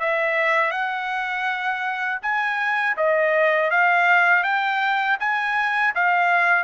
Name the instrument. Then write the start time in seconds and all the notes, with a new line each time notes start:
trumpet
0.00 E5
0.71 F#5
2.23 G#5
2.97 D#5
3.71 F5
4.44 G5
5.20 G#5
5.95 F5